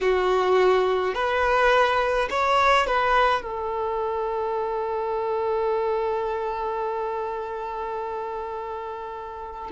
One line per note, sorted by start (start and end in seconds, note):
0.00 1.14 F#4
1.14 2.28 B4
2.30 2.86 C#5
2.86 3.42 B4
3.42 9.70 A4